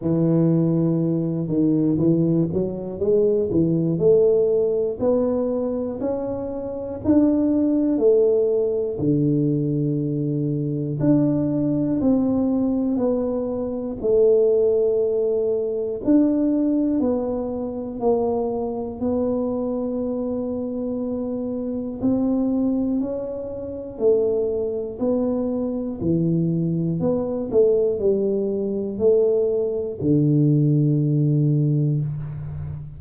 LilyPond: \new Staff \with { instrumentName = "tuba" } { \time 4/4 \tempo 4 = 60 e4. dis8 e8 fis8 gis8 e8 | a4 b4 cis'4 d'4 | a4 d2 d'4 | c'4 b4 a2 |
d'4 b4 ais4 b4~ | b2 c'4 cis'4 | a4 b4 e4 b8 a8 | g4 a4 d2 | }